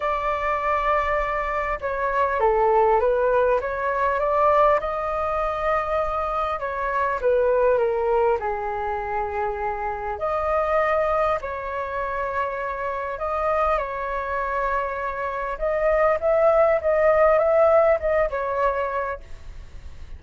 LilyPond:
\new Staff \with { instrumentName = "flute" } { \time 4/4 \tempo 4 = 100 d''2. cis''4 | a'4 b'4 cis''4 d''4 | dis''2. cis''4 | b'4 ais'4 gis'2~ |
gis'4 dis''2 cis''4~ | cis''2 dis''4 cis''4~ | cis''2 dis''4 e''4 | dis''4 e''4 dis''8 cis''4. | }